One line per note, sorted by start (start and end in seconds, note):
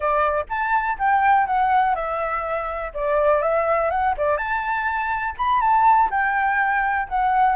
0.00 0.44 D5
0.49 0.98 A5
0.98 1.46 G5
1.46 1.95 F#5
1.95 2.92 E5
2.94 3.42 D5
3.42 3.90 E5
3.90 4.14 F#5
4.17 4.37 D5
4.37 5.34 A5
5.37 5.60 B5
5.60 6.09 A5
6.10 7.07 G5
7.08 7.55 F#5